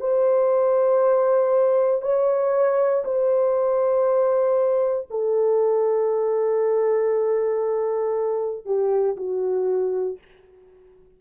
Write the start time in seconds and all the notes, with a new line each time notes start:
0.00 C5
2.02 C#5
3.04 C5
5.10 A4
8.65 G4
9.16 F#4